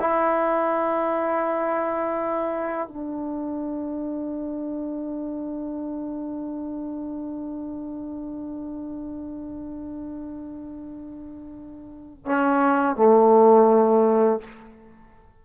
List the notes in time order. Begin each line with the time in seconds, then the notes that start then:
0.00 E4
2.88 D4
12.26 C#4
12.96 A3